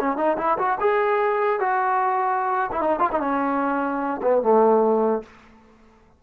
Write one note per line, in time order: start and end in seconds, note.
0.00 0.17 C#4
0.17 0.38 D#4
0.38 0.58 E4
0.59 0.79 F#4
0.81 1.60 G#4
1.60 2.71 F#4
2.72 2.81 E4
2.81 3.00 D#4
3.00 3.10 F4
3.12 3.20 D#4
3.20 4.21 C#4
4.23 4.42 B3
4.42 5.23 A3